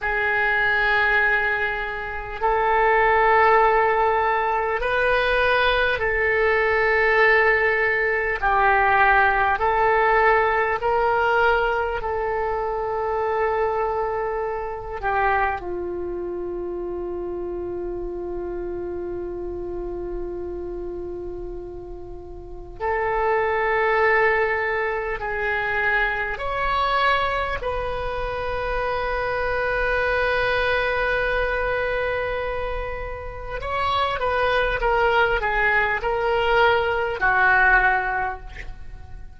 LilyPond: \new Staff \with { instrumentName = "oboe" } { \time 4/4 \tempo 4 = 50 gis'2 a'2 | b'4 a'2 g'4 | a'4 ais'4 a'2~ | a'8 g'8 f'2.~ |
f'2. a'4~ | a'4 gis'4 cis''4 b'4~ | b'1 | cis''8 b'8 ais'8 gis'8 ais'4 fis'4 | }